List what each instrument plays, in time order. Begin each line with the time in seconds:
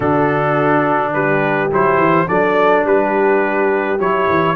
0.00 tuba D3, trombone D4, horn F#4, trumpet A4
1.13 tuba G3, horn G4, trumpet B4
1.70 tuba F#3, trombone E4, trumpet C5
1.97 tuba E3
2.27 tuba F#3, trombone D4, horn A4, trumpet D5
2.84 tuba G3, horn G4, trumpet B4
3.99 tuba F#3, trombone E4, trumpet C#5
4.27 tuba E3